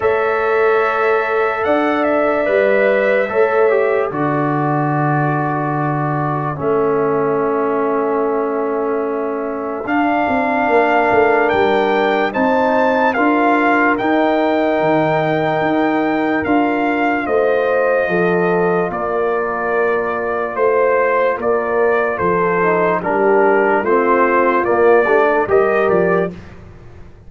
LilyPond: <<
  \new Staff \with { instrumentName = "trumpet" } { \time 4/4 \tempo 4 = 73 e''2 fis''8 e''4.~ | e''4 d''2. | e''1 | f''2 g''4 a''4 |
f''4 g''2. | f''4 dis''2 d''4~ | d''4 c''4 d''4 c''4 | ais'4 c''4 d''4 dis''8 d''8 | }
  \new Staff \with { instrumentName = "horn" } { \time 4/4 cis''2 d''2 | cis''4 a'2.~ | a'1~ | a'4 ais'2 c''4 |
ais'1~ | ais'4 c''4 a'4 ais'4~ | ais'4 c''4 ais'4 a'4 | g'4 f'4. g'16 a'16 ais'4 | }
  \new Staff \with { instrumentName = "trombone" } { \time 4/4 a'2. b'4 | a'8 g'8 fis'2. | cis'1 | d'2. dis'4 |
f'4 dis'2. | f'1~ | f'2.~ f'8 dis'8 | d'4 c'4 ais8 d'8 g'4 | }
  \new Staff \with { instrumentName = "tuba" } { \time 4/4 a2 d'4 g4 | a4 d2. | a1 | d'8 c'8 ais8 a8 g4 c'4 |
d'4 dis'4 dis4 dis'4 | d'4 a4 f4 ais4~ | ais4 a4 ais4 f4 | g4 a4 ais8 a8 g8 f8 | }
>>